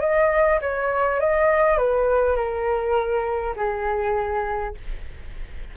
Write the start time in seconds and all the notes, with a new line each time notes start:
0.00 D#5
0.61 C#5
1.20 D#5
1.78 B4
2.36 A#4
3.56 G#4